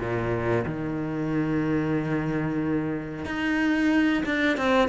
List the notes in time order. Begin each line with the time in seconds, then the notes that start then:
0.00 A#2
0.66 D#3
3.25 D#4
4.26 D4
4.58 C4